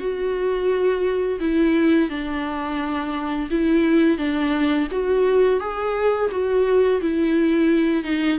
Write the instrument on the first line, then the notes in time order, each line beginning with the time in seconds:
viola
0.00 F#4
1.40 E4
2.10 D4
3.50 E4
4.18 D4
4.92 F#4
5.60 G#4
6.31 F#4
7.01 E4
8.04 D#4